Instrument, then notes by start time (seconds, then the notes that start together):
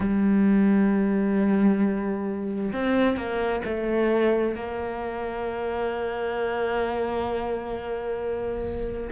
cello
0.00 G3
2.72 C4
3.16 A#3
3.64 A3
4.55 A#3